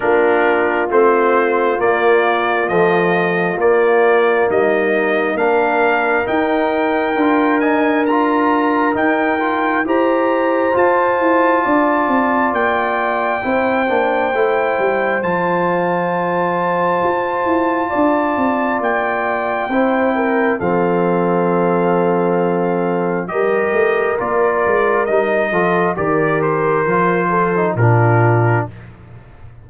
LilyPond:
<<
  \new Staff \with { instrumentName = "trumpet" } { \time 4/4 \tempo 4 = 67 ais'4 c''4 d''4 dis''4 | d''4 dis''4 f''4 g''4~ | g''8 gis''8 ais''4 g''4 ais''4 | a''2 g''2~ |
g''4 a''2.~ | a''4 g''2 f''4~ | f''2 dis''4 d''4 | dis''4 d''8 c''4. ais'4 | }
  \new Staff \with { instrumentName = "horn" } { \time 4/4 f'1~ | f'4 dis'4 ais'2~ | ais'2. c''4~ | c''4 d''2 c''4~ |
c''1 | d''2 c''8 ais'8 a'4~ | a'2 ais'2~ | ais'8 a'8 ais'4. a'8 f'4 | }
  \new Staff \with { instrumentName = "trombone" } { \time 4/4 d'4 c'4 ais4 f4 | ais2 d'4 dis'4 | f'8 dis'8 f'4 dis'8 f'8 g'4 | f'2. e'8 d'8 |
e'4 f'2.~ | f'2 e'4 c'4~ | c'2 g'4 f'4 | dis'8 f'8 g'4 f'8. dis'16 d'4 | }
  \new Staff \with { instrumentName = "tuba" } { \time 4/4 ais4 a4 ais4 a4 | ais4 g4 ais4 dis'4 | d'2 dis'4 e'4 | f'8 e'8 d'8 c'8 ais4 c'8 ais8 |
a8 g8 f2 f'8 e'8 | d'8 c'8 ais4 c'4 f4~ | f2 g8 a8 ais8 gis8 | g8 f8 dis4 f4 ais,4 | }
>>